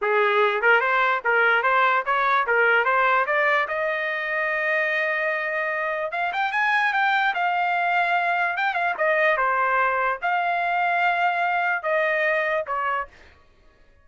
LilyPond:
\new Staff \with { instrumentName = "trumpet" } { \time 4/4 \tempo 4 = 147 gis'4. ais'8 c''4 ais'4 | c''4 cis''4 ais'4 c''4 | d''4 dis''2.~ | dis''2. f''8 g''8 |
gis''4 g''4 f''2~ | f''4 g''8 f''8 dis''4 c''4~ | c''4 f''2.~ | f''4 dis''2 cis''4 | }